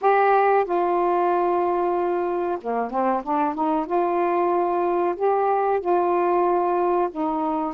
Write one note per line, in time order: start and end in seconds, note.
0.01 0.65 G4
0.65 2.58 F4
2.61 2.90 A#3
2.90 3.22 C4
3.23 3.54 D4
3.54 3.86 D#4
3.86 5.15 F4
5.16 5.80 G4
5.80 7.09 F4
7.11 7.74 D#4